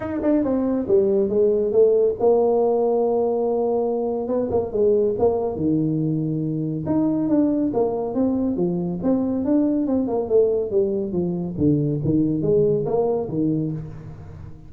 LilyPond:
\new Staff \with { instrumentName = "tuba" } { \time 4/4 \tempo 4 = 140 dis'8 d'8 c'4 g4 gis4 | a4 ais2.~ | ais2 b8 ais8 gis4 | ais4 dis2. |
dis'4 d'4 ais4 c'4 | f4 c'4 d'4 c'8 ais8 | a4 g4 f4 d4 | dis4 gis4 ais4 dis4 | }